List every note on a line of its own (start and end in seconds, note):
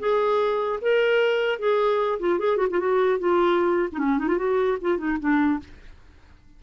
0.00 0.80 G#4
0.82 1.59 A#4
1.59 2.19 G#4
2.20 2.39 F4
2.39 2.57 G#4
2.57 2.67 F#4
2.71 2.80 F4
2.80 3.19 F#4
3.19 3.89 F4
3.93 3.99 D#4
3.99 4.19 C#4
4.19 4.28 D#4
4.28 4.38 F4
4.38 4.78 F#4
4.81 4.98 F4
4.98 5.18 D#4
5.20 5.60 D4